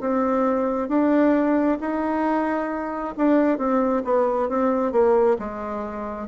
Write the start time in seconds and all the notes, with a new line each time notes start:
0.00 C4
0.88 D4
1.80 D#4
3.17 D4
3.58 C4
4.04 B3
4.48 C4
4.91 A#3
5.38 G#3